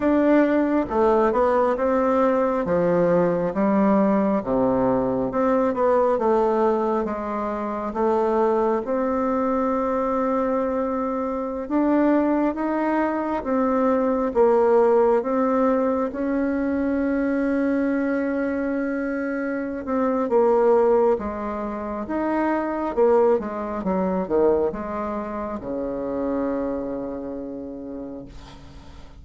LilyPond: \new Staff \with { instrumentName = "bassoon" } { \time 4/4 \tempo 4 = 68 d'4 a8 b8 c'4 f4 | g4 c4 c'8 b8 a4 | gis4 a4 c'2~ | c'4~ c'16 d'4 dis'4 c'8.~ |
c'16 ais4 c'4 cis'4.~ cis'16~ | cis'2~ cis'8 c'8 ais4 | gis4 dis'4 ais8 gis8 fis8 dis8 | gis4 cis2. | }